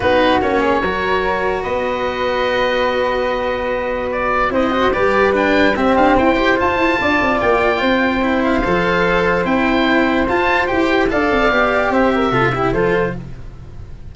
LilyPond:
<<
  \new Staff \with { instrumentName = "oboe" } { \time 4/4 \tempo 4 = 146 b'4 cis''2. | dis''1~ | dis''2 d''4 dis''4 | d''4 g''4 e''8 f''8 g''4 |
a''2 g''2~ | g''8 f''2~ f''8 g''4~ | g''4 a''4 g''4 f''4~ | f''4 e''2 c''4 | }
  \new Staff \with { instrumentName = "flute" } { \time 4/4 fis'4. gis'8 ais'2 | b'1~ | b'2. c''4 | b'2 g'4 c''4~ |
c''4 d''2 c''4~ | c''1~ | c''2. d''4~ | d''4 c''8 ais'8 a'8 g'8 a'4 | }
  \new Staff \with { instrumentName = "cello" } { \time 4/4 dis'4 cis'4 fis'2~ | fis'1~ | fis'2. e'8 fis'8 | g'4 d'4 c'4. g'8 |
f'1 | e'4 a'2 e'4~ | e'4 f'4 g'4 a'4 | g'2 f'8 e'8 f'4 | }
  \new Staff \with { instrumentName = "tuba" } { \time 4/4 b4 ais4 fis2 | b1~ | b2. c'4 | g2 c'8 d'8 e'4 |
f'8 e'8 d'8 c'8 ais4 c'4~ | c'4 f2 c'4~ | c'4 f'4 e'4 d'8 c'8 | b4 c'4 c4 f4 | }
>>